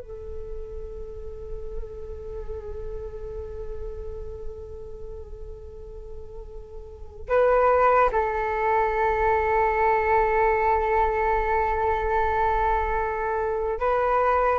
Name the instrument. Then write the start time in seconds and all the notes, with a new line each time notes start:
flute
0.00 A4
7.29 B4
8.13 A4
13.80 B4